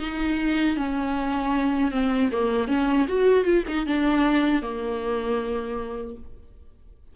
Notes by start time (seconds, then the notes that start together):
0.00 D#4
0.77 C#4
1.92 C4
2.32 A#3
2.68 C#4
3.08 F#4
3.45 F4
3.69 D#4
3.87 D4
4.63 A#3